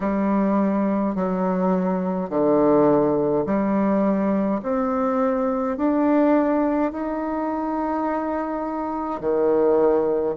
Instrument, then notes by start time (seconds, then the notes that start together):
bassoon
0.00 G3
1.15 F#3
2.29 D3
3.46 G3
4.62 C4
5.77 D4
6.92 D#4
9.20 D#3